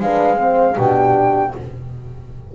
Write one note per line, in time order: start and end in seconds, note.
0.00 0.77 G#3
0.00 0.36 D4
0.00 0.39 B4
0.00 0.78 F5
0.36 0.75 C4
0.36 0.75 C5
0.75 1.55 B2
0.75 1.53 D4
0.75 1.51 G4
0.75 1.55 G5